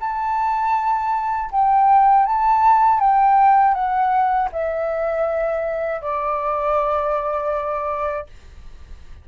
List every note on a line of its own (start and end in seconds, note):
0.00 1.50 A5
1.51 2.25 G5
2.25 3.00 A5
3.00 3.74 G5
3.74 4.49 F#5
4.52 6.01 E5
6.01 8.26 D5